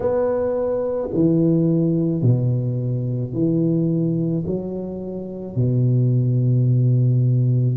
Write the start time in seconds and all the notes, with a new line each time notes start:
0.00 B3
1.13 E3
2.22 B2
3.33 E3
4.46 F#3
5.55 B2